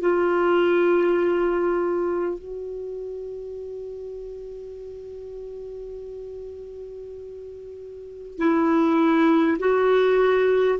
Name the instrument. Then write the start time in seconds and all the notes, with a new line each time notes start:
clarinet
0.00 F4
2.38 F#4
8.37 E4
9.58 F#4